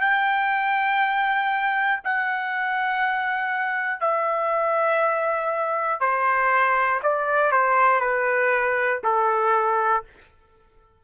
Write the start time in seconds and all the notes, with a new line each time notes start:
0.00 G5
2.04 F#5
4.00 E5
6.00 C5
7.03 D5
7.51 C5
8.00 B4
9.03 A4